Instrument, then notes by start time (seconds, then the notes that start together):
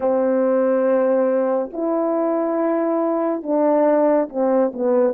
horn
0.00 C4
1.73 E4
3.42 D4
4.29 C4
4.73 B3